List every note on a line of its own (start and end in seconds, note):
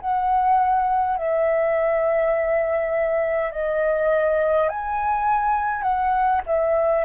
0.00 1.17 F#5
1.17 3.51 E5
3.51 4.69 D#5
4.69 5.82 G#5
5.82 6.41 F#5
6.46 7.04 E5